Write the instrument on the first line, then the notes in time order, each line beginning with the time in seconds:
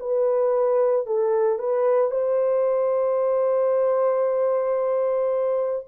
horn
0.00 B4
1.07 A4
1.59 B4
2.11 C5